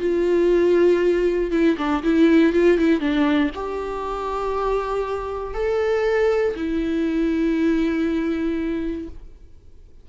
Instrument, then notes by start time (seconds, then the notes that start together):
viola
0.00 F4
1.51 E4
1.78 D4
2.03 E4
2.53 F4
2.78 E4
3.00 D4
3.55 G4
5.54 A4
6.56 E4